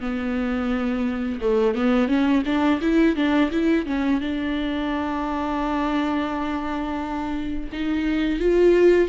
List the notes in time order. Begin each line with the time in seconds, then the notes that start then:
0.00 B3
1.40 A3
1.74 B3
2.07 C#4
2.45 D4
2.81 E4
3.16 D4
3.51 E4
3.86 C#4
4.20 D4
7.72 D#4
8.39 F4